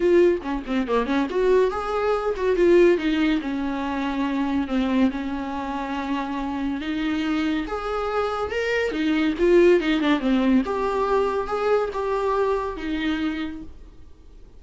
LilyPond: \new Staff \with { instrumentName = "viola" } { \time 4/4 \tempo 4 = 141 f'4 cis'8 c'8 ais8 cis'8 fis'4 | gis'4. fis'8 f'4 dis'4 | cis'2. c'4 | cis'1 |
dis'2 gis'2 | ais'4 dis'4 f'4 dis'8 d'8 | c'4 g'2 gis'4 | g'2 dis'2 | }